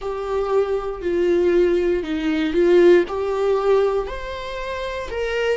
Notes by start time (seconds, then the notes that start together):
0.01 G4
1.01 F4
2.03 D#4
2.53 F4
3.07 G4
4.07 C5
5.10 A#4